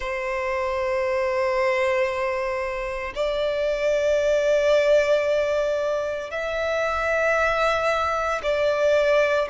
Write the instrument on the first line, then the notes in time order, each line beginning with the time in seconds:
violin
0.00 C5
3.15 D5
6.30 E5
8.43 D5